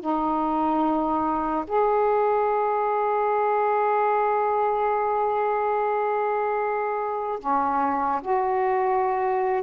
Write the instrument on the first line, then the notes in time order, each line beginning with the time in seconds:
saxophone
0.00 D#4
1.67 G#4
7.39 C#4
8.21 F#4